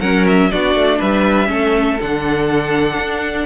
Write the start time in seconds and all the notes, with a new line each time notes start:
0.00 F#3 C#4 A#4 F#5
0.26 E5
0.51 B3 D4 F#4 D5
0.75 A3
0.98 G3 B4 E5
1.46 A3 C#4 A4
2.01 D3 D4 F#5
2.98 D4